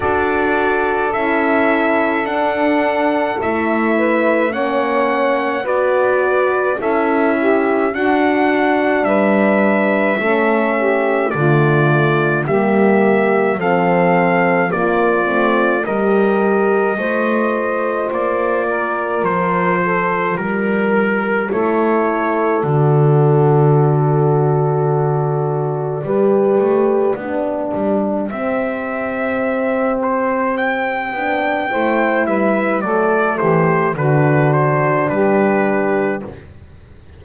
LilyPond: <<
  \new Staff \with { instrumentName = "trumpet" } { \time 4/4 \tempo 4 = 53 d''4 e''4 fis''4 e''4 | fis''4 d''4 e''4 fis''4 | e''2 d''4 e''4 | f''4 d''4 dis''2 |
d''4 c''4 ais'4 cis''4 | d''1~ | d''4 e''4. c''8 g''4~ | g''8 e''8 d''8 c''8 b'8 c''8 b'4 | }
  \new Staff \with { instrumentName = "saxophone" } { \time 4/4 a'2.~ a'8 b'8 | cis''4 b'4 a'8 g'8 fis'4 | b'4 a'8 g'8 f'4 g'4 | a'4 f'4 ais'4 c''4~ |
c''8 ais'4 a'8 ais'4 a'4~ | a'2. b'4 | g'1 | c''8 b'8 a'8 g'8 fis'4 g'4 | }
  \new Staff \with { instrumentName = "horn" } { \time 4/4 fis'4 e'4 d'4 e'4 | cis'4 fis'4 e'4 d'4~ | d'4 cis'4 a4 ais4 | c'4 ais8 c'8 g'4 f'4~ |
f'2. e'4 | fis'2. g'4 | d'4 c'2~ c'8 d'8 | e'4 a4 d'2 | }
  \new Staff \with { instrumentName = "double bass" } { \time 4/4 d'4 cis'4 d'4 a4 | ais4 b4 cis'4 d'4 | g4 a4 d4 g4 | f4 ais8 a8 g4 a4 |
ais4 f4 g4 a4 | d2. g8 a8 | b8 g8 c'2~ c'8 b8 | a8 g8 fis8 e8 d4 g4 | }
>>